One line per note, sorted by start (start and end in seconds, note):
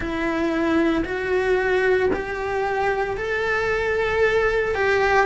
0.00 1.03 E4
1.04 2.10 F#4
2.13 3.17 G4
3.17 4.74 A4
4.74 5.26 G4